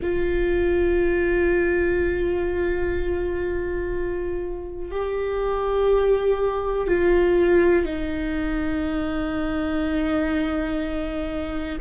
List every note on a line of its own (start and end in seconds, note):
0.01 4.91 F4
4.91 6.87 G4
6.87 7.85 F4
7.85 11.78 D#4